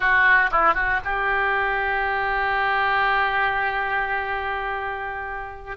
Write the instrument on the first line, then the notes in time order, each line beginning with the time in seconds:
oboe
0.00 F#4
0.51 E4
0.74 F#4
1.04 G4